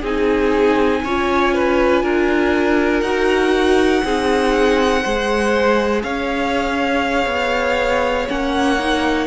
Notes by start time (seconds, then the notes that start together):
0.00 C4 D#4 G#4 G#5
1.04 C#4 F4 C#5
1.54 B4
2.02 D4 A#4
3.01 D#4 F#4 F#5
4.04 C4 D#4 G#4
5.02 G#3 G#4 C5
6.03 C#4 C#5 F5
7.26 B3
8.28 A#3 C#4 F#5
8.79 D#4